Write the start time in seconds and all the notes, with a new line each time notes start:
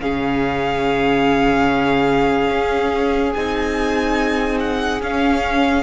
0.00 C#3 C#4 G#4 F5
2.51 C#4
3.33 C4 D#4 G#5
4.60 F#5
5.01 C#4 F5